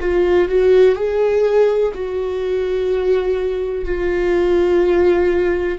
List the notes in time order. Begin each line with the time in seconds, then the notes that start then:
0.00 F4
0.48 F#4
0.95 G#4
1.94 F#4
3.84 F4